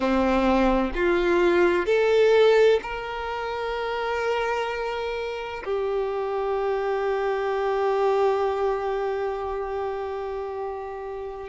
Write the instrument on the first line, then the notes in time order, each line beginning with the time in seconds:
violin
0.00 C4
0.95 F4
1.86 A4
2.82 A#4
5.64 G4